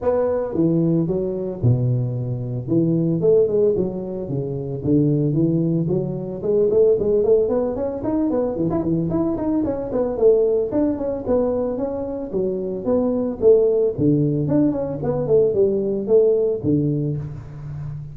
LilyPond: \new Staff \with { instrumentName = "tuba" } { \time 4/4 \tempo 4 = 112 b4 e4 fis4 b,4~ | b,4 e4 a8 gis8 fis4 | cis4 d4 e4 fis4 | gis8 a8 gis8 a8 b8 cis'8 dis'8 b8 |
e16 e'16 e8 e'8 dis'8 cis'8 b8 a4 | d'8 cis'8 b4 cis'4 fis4 | b4 a4 d4 d'8 cis'8 | b8 a8 g4 a4 d4 | }